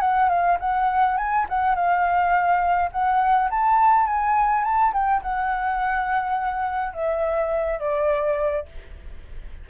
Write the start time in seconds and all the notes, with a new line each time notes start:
0.00 F#5
0.29 F5
0.60 F#5
1.17 G#5
1.49 F#5
1.75 F5
2.92 F#5
3.50 A5
4.06 G#5
4.64 A5
4.93 G5
5.22 F#5
6.93 E5
7.79 D5